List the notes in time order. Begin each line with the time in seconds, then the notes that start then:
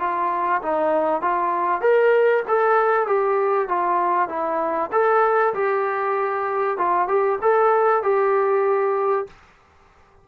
0.00 F4
0.62 D#4
1.22 F4
1.82 A#4
2.48 A4
3.07 G4
3.69 F4
4.29 E4
4.92 A4
5.54 G4
6.78 F4
7.08 G4
7.42 A4
8.03 G4